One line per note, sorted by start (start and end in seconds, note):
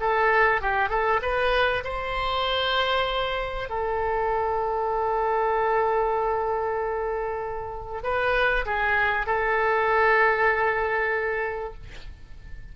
0.00 0.61 A4
0.61 0.89 G4
0.89 1.20 A4
1.22 1.84 B4
1.84 3.69 C5
3.69 8.02 A4
8.03 8.65 B4
8.65 9.26 G#4
9.26 11.74 A4